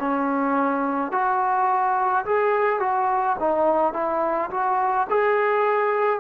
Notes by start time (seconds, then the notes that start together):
0.00 C#4
1.12 F#4
2.25 G#4
2.80 F#4
3.40 D#4
3.94 E4
4.51 F#4
5.10 G#4